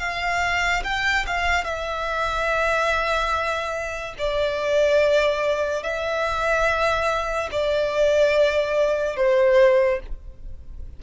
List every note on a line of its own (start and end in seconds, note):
0.00 0.83 F5
0.84 1.26 G5
1.27 1.64 F5
1.64 4.14 E5
4.19 5.83 D5
5.83 7.50 E5
7.52 9.17 D5
9.17 10.00 C5